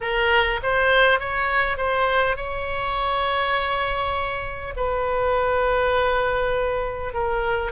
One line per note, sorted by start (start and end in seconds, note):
0.01 0.60 A#4
0.62 1.19 C5
1.19 1.77 C#5
1.77 2.36 C5
2.36 4.74 C#5
4.76 7.13 B4
7.13 7.71 A#4